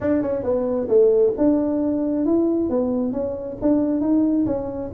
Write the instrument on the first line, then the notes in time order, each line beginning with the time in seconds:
tuba
0.00 D4
0.22 C#4
0.43 B3
0.88 A3
1.37 D4
2.25 E4
2.69 B3
3.12 C#4
3.61 D4
4.00 D#4
4.46 C#4